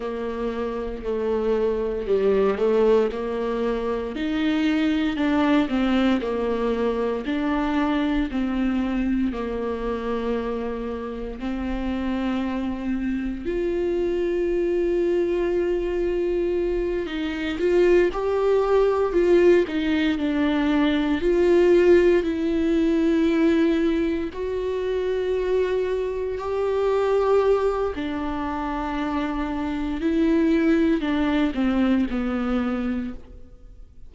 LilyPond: \new Staff \with { instrumentName = "viola" } { \time 4/4 \tempo 4 = 58 ais4 a4 g8 a8 ais4 | dis'4 d'8 c'8 ais4 d'4 | c'4 ais2 c'4~ | c'4 f'2.~ |
f'8 dis'8 f'8 g'4 f'8 dis'8 d'8~ | d'8 f'4 e'2 fis'8~ | fis'4. g'4. d'4~ | d'4 e'4 d'8 c'8 b4 | }